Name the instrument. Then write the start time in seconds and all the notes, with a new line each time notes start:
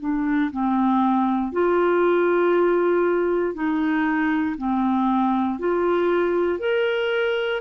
clarinet
0.00 D4
0.51 C4
1.52 F4
3.55 D#4
4.58 C4
5.59 F4
6.59 A#4